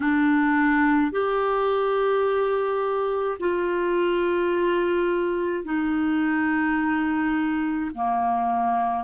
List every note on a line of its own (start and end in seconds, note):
0.00 1.11 D4
1.11 3.38 G4
3.39 5.64 F4
5.64 7.90 D#4
7.94 9.04 A#3